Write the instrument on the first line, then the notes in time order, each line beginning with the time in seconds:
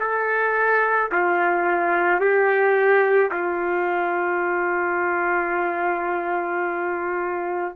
trumpet
0.00 A4
1.12 F4
2.20 G4
3.31 F4